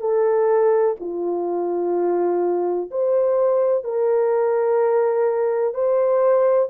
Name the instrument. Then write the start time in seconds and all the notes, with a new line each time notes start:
horn
0.00 A4
1.00 F4
2.91 C5
3.84 A#4
5.74 C5